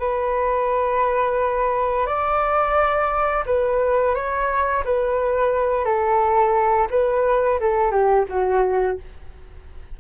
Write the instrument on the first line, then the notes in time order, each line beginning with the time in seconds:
flute
0.00 B4
2.07 D5
3.46 B4
4.15 C#5
4.85 B4
5.85 A4
6.91 B4
7.61 A4
7.92 G4
8.29 F#4